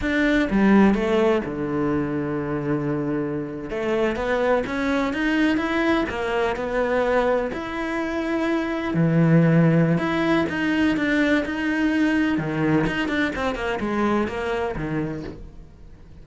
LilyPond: \new Staff \with { instrumentName = "cello" } { \time 4/4 \tempo 4 = 126 d'4 g4 a4 d4~ | d2.~ d8. a16~ | a8. b4 cis'4 dis'4 e'16~ | e'8. ais4 b2 e'16~ |
e'2~ e'8. e4~ e16~ | e4 e'4 dis'4 d'4 | dis'2 dis4 dis'8 d'8 | c'8 ais8 gis4 ais4 dis4 | }